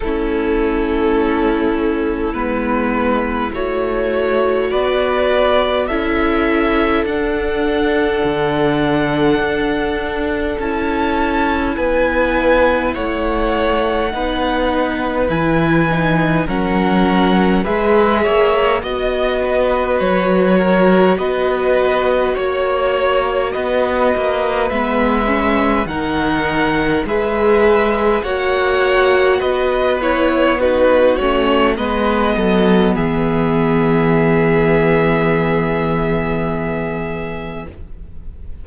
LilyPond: <<
  \new Staff \with { instrumentName = "violin" } { \time 4/4 \tempo 4 = 51 a'2 b'4 cis''4 | d''4 e''4 fis''2~ | fis''4 a''4 gis''4 fis''4~ | fis''4 gis''4 fis''4 e''4 |
dis''4 cis''4 dis''4 cis''4 | dis''4 e''4 fis''4 e''4 | fis''4 dis''8 cis''8 b'8 cis''8 dis''4 | e''1 | }
  \new Staff \with { instrumentName = "violin" } { \time 4/4 e'1 | b'4 a'2.~ | a'2 b'4 cis''4 | b'2 ais'4 b'8 cis''8 |
dis''8 b'4 ais'8 b'4 cis''4 | b'2 ais'4 b'4 | cis''4 b'4 fis'4 b'8 a'8 | gis'1 | }
  \new Staff \with { instrumentName = "viola" } { \time 4/4 cis'2 b4 fis'4~ | fis'4 e'4 d'2~ | d'4 e'2. | dis'4 e'8 dis'8 cis'4 gis'4 |
fis'1~ | fis'4 b8 cis'8 dis'4 gis'4 | fis'4. e'8 dis'8 cis'8 b4~ | b1 | }
  \new Staff \with { instrumentName = "cello" } { \time 4/4 a2 gis4 a4 | b4 cis'4 d'4 d4 | d'4 cis'4 b4 a4 | b4 e4 fis4 gis8 ais8 |
b4 fis4 b4 ais4 | b8 ais8 gis4 dis4 gis4 | ais4 b4. a8 gis8 fis8 | e1 | }
>>